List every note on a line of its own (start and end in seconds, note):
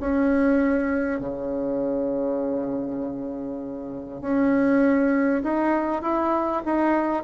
0.00 1.20 C#4
1.20 4.21 C#3
4.21 5.42 C#4
5.43 6.02 D#4
6.02 6.63 E4
6.65 7.23 D#4